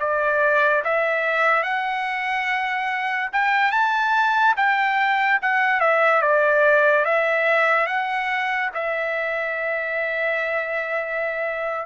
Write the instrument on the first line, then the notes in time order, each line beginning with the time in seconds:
trumpet
0.00 D5
0.84 E5
1.63 F#5
3.33 G5
3.72 A5
4.56 G5
5.42 F#5
5.80 E5
6.22 D5
7.05 E5
7.87 F#5
8.75 E5